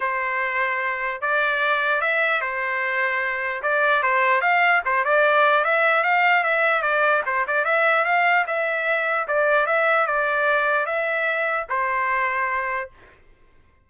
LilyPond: \new Staff \with { instrumentName = "trumpet" } { \time 4/4 \tempo 4 = 149 c''2. d''4~ | d''4 e''4 c''2~ | c''4 d''4 c''4 f''4 | c''8 d''4. e''4 f''4 |
e''4 d''4 c''8 d''8 e''4 | f''4 e''2 d''4 | e''4 d''2 e''4~ | e''4 c''2. | }